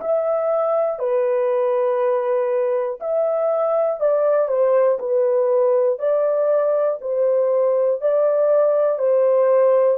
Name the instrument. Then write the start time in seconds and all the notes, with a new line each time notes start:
horn
0.00 E5
0.99 B4
3.00 E5
4.00 D5
4.48 C5
4.99 B4
5.99 D5
7.01 C5
8.00 D5
8.98 C5